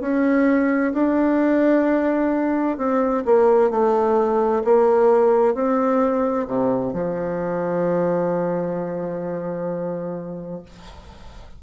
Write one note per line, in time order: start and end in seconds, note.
0.00 0.92 C#4
0.93 2.77 D4
2.77 3.23 C4
3.25 3.70 A#3
3.70 4.62 A3
4.64 5.54 A#3
5.54 6.47 C4
6.47 6.93 C3
6.93 10.62 F3